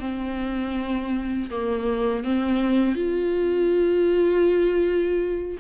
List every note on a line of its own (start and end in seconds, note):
0.00 1.50 C4
1.51 2.24 A#3
2.24 2.95 C4
2.95 5.58 F4